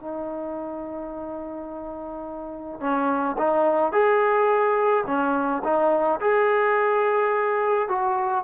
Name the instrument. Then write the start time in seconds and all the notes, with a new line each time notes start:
trombone
0.00 D#4
2.80 C#4
3.38 D#4
3.92 G#4
5.06 C#4
5.64 D#4
6.20 G#4
7.89 F#4